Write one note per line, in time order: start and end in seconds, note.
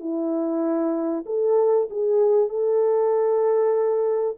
0.00 1.25 E4
1.26 1.89 A4
1.91 2.49 G#4
2.49 4.37 A4